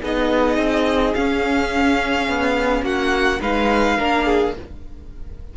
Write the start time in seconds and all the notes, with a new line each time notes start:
0.00 B3 D#4 G#4 D#5
0.57 C4
1.14 C#4 F5
2.29 B3
2.82 A#3 F#4 F#5
3.41 G#3 D#4 B4 F5
3.98 A#3 D4 A#4
4.25 G#4